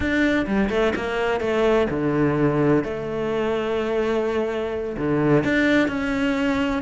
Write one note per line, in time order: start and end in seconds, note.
0.00 0.46 D4
0.46 0.69 G3
0.69 0.93 A3
0.95 1.40 A#3
1.40 1.87 A3
1.90 2.83 D3
2.83 4.96 A3
4.97 5.43 D3
5.43 5.87 D4
5.87 6.82 C#4